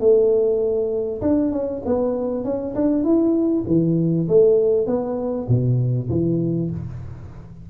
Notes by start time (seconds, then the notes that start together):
0.00 A3
1.22 D4
1.52 C#4
1.86 B3
2.45 C#4
2.75 D4
3.04 E4
3.67 E3
4.29 A3
4.87 B3
5.49 B2
6.10 E3